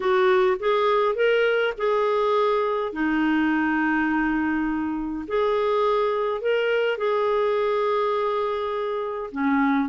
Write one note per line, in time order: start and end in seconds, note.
0.00 0.57 F#4
0.59 1.15 G#4
1.15 1.73 A#4
1.77 2.92 G#4
2.92 5.25 D#4
5.27 6.41 G#4
6.41 6.97 A#4
6.97 9.30 G#4
9.31 9.89 C#4